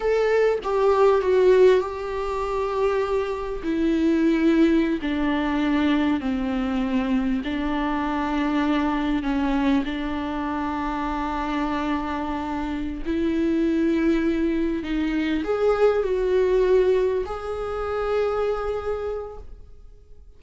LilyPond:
\new Staff \with { instrumentName = "viola" } { \time 4/4 \tempo 4 = 99 a'4 g'4 fis'4 g'4~ | g'2 e'2~ | e'16 d'2 c'4.~ c'16~ | c'16 d'2. cis'8.~ |
cis'16 d'2.~ d'8.~ | d'4. e'2~ e'8~ | e'8 dis'4 gis'4 fis'4.~ | fis'8 gis'2.~ gis'8 | }